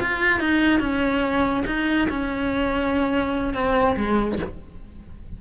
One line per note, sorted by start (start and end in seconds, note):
0.00 0.40 F4
0.40 0.80 D#4
0.80 1.64 C#4
1.66 2.08 D#4
2.09 3.54 C#4
3.54 3.96 C4
3.97 4.39 G#3